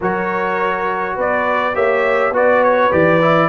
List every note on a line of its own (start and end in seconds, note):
0.00 1.17 F#3
0.00 1.73 F#4
0.00 1.15 A#4
0.00 1.19 C#5
1.15 1.74 B3
1.15 1.74 B4
1.15 1.75 D5
1.73 2.30 A#3
1.73 2.32 G4
1.73 2.33 C#5
1.73 2.34 E5
2.30 2.88 B3
2.30 2.91 F#4
2.30 3.49 B4
2.30 2.63 D5
2.63 2.92 C#5
2.91 3.49 E3
2.91 3.20 G4
2.91 3.49 D5
3.21 3.49 E4